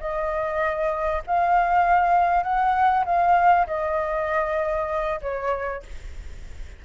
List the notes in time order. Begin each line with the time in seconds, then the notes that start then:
0.00 D#5
1.27 F5
2.43 F#5
3.05 F5
3.67 D#5
5.22 C#5